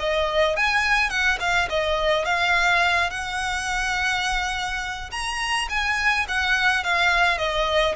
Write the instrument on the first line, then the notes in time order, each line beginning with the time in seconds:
violin
0.00 D#5
0.57 G#5
1.10 F#5
1.40 F5
1.70 D#5
2.25 F5
3.10 F#5
5.11 A#5
5.70 G#5
6.29 F#5
6.84 F5
7.38 D#5